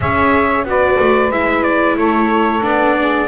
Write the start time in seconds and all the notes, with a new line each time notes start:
0.00 C#4 G#4 C#5 E5
0.64 B3 F#4 B4 D5
0.99 A3
1.30 G#3 E4 E5
1.63 D5
1.96 A3 A4 C#5
2.61 B3 D4 D5
2.98 G#4